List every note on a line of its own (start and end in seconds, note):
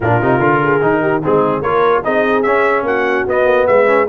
0.00 0.21 A#2
0.00 0.21 D4
0.00 0.62 F4
0.00 1.23 A#4
0.21 0.39 C3
0.21 0.40 D#4
0.39 0.80 D3
0.39 0.81 F4
0.62 1.01 G#4
0.81 1.23 D#3
0.81 1.22 D#4
1.01 1.22 G4
1.23 1.61 G#3
1.23 1.63 C4
1.23 1.61 D#4
1.23 1.62 G#4
1.61 2.02 A#3
1.61 2.04 F4
1.61 2.02 A#4
1.61 2.03 C#5
2.04 2.45 C4
2.04 2.44 D#4
2.04 2.86 G#4
2.04 2.42 D#5
2.42 2.82 C#4
2.42 3.27 C#4
2.42 2.83 E5
2.82 3.23 A#3
2.82 3.68 F#4
2.82 3.27 F#5
3.27 3.45 B3
3.27 3.86 B3
3.27 3.67 D#5
3.45 3.66 A#3
3.67 4.08 G#3
3.67 4.08 B4
3.67 4.07 E5
3.86 4.06 C#4